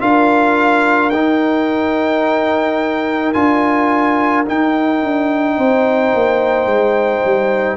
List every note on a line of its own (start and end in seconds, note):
0.00 1.11 D4
0.00 1.11 F4
0.00 5.57 A#4
0.00 1.10 F5
1.10 3.33 D#4
1.10 3.34 D#4
1.10 3.32 G5
3.33 4.46 D4
3.33 4.45 F4
3.33 4.44 G#5
4.46 7.77 D#4
4.46 5.03 D#4
4.46 7.77 G5
5.03 5.58 D4
5.57 6.14 C4
5.57 7.77 C5
6.14 6.66 A#3
6.66 7.22 G#3
7.25 7.77 G3